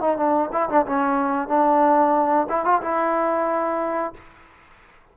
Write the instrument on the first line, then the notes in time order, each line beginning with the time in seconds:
trombone
0.00 D#4
0.16 D4
0.52 E4
0.69 D4
0.85 C#4
1.48 D4
2.49 E4
2.64 F4
2.81 E4